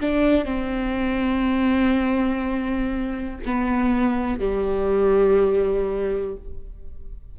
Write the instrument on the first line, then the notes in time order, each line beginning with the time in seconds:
viola
0.00 D4
0.44 C4
3.45 B3
4.39 G3